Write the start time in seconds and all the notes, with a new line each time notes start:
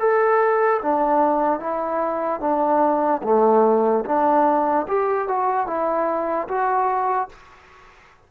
0.00 A4
0.82 D4
1.60 E4
2.41 D4
3.24 A3
4.06 D4
4.88 G4
5.28 F#4
5.67 E4
6.48 F#4